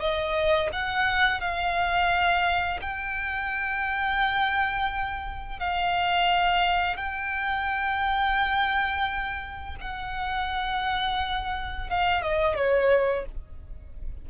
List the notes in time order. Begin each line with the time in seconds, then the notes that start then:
0.00 D#5
0.73 F#5
1.40 F5
2.82 G5
5.60 F5
6.97 G5
9.81 F#5
11.90 F5
12.22 D#5
12.56 C#5